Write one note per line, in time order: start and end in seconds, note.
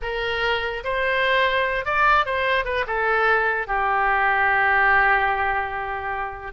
0.02 0.83 A#4
0.83 1.85 C5
1.85 2.25 D5
2.25 2.64 C5
2.64 2.85 B4
2.86 3.67 A4
3.67 6.52 G4